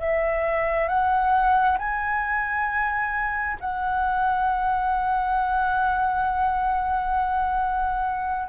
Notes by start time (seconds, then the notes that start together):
0.00 E5
0.88 F#5
1.78 G#5
3.60 F#5